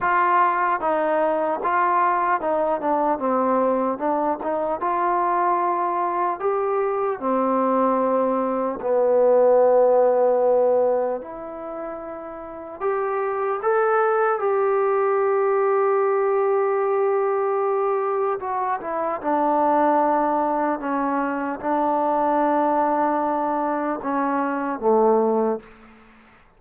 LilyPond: \new Staff \with { instrumentName = "trombone" } { \time 4/4 \tempo 4 = 75 f'4 dis'4 f'4 dis'8 d'8 | c'4 d'8 dis'8 f'2 | g'4 c'2 b4~ | b2 e'2 |
g'4 a'4 g'2~ | g'2. fis'8 e'8 | d'2 cis'4 d'4~ | d'2 cis'4 a4 | }